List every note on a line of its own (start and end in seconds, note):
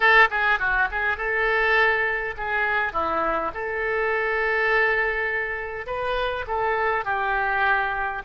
0.00 0.28 A4
0.30 0.59 G#4
0.59 0.88 F#4
0.91 1.17 G#4
1.17 2.34 A4
2.37 2.92 G#4
2.92 3.51 E4
3.54 5.86 A4
5.86 6.45 B4
6.47 7.04 A4
7.04 8.22 G4